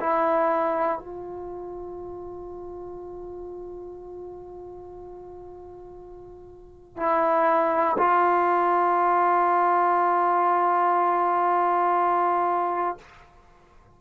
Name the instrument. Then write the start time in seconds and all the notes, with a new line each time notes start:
trombone
0.00 E4
0.99 F4
6.97 E4
7.98 F4